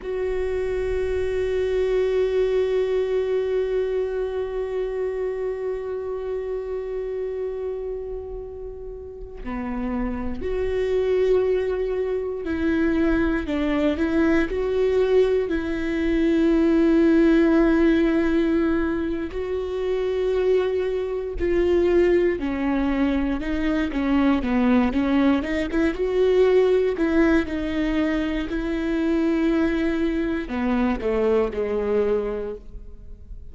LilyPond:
\new Staff \with { instrumentName = "viola" } { \time 4/4 \tempo 4 = 59 fis'1~ | fis'1~ | fis'4~ fis'16 b4 fis'4.~ fis'16~ | fis'16 e'4 d'8 e'8 fis'4 e'8.~ |
e'2. fis'4~ | fis'4 f'4 cis'4 dis'8 cis'8 | b8 cis'8 dis'16 e'16 fis'4 e'8 dis'4 | e'2 b8 a8 gis4 | }